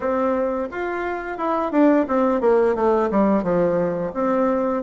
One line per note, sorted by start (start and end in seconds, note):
0.00 0.68 C4
0.71 1.37 F4
1.37 1.71 E4
1.71 2.06 D4
2.08 2.40 C4
2.40 2.75 A#3
2.75 3.09 A3
3.10 3.43 G3
3.43 4.12 F3
4.13 4.82 C4